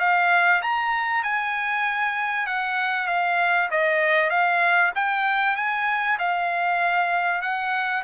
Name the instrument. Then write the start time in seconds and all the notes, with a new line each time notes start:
trumpet
0.00 F5
0.62 A#5
1.23 G#5
2.47 F#5
3.08 F5
3.71 D#5
4.30 F5
4.95 G5
5.56 G#5
6.19 F5
7.42 F#5